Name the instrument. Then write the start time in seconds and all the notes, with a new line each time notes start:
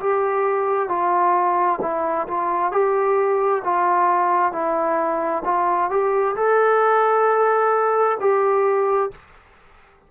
trombone
0.00 G4
0.89 F4
1.81 E4
2.27 F4
2.72 G4
3.64 F4
4.52 E4
5.45 F4
5.90 G4
6.36 A4
8.20 G4